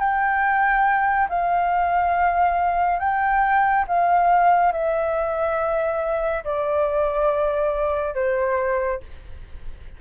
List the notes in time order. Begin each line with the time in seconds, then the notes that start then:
0.00 G5
1.29 F5
3.00 G5
3.88 F5
4.73 E5
6.45 D5
8.15 C5